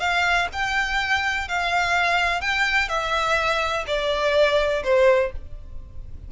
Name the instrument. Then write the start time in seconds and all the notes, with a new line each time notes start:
violin
0.00 F5
0.53 G5
1.49 F5
2.41 G5
2.89 E5
3.87 D5
4.84 C5